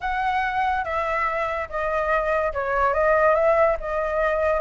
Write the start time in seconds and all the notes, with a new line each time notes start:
0.01 F#5
0.84 E5
1.69 D#5
2.53 C#5
2.93 D#5
3.35 E5
3.80 D#5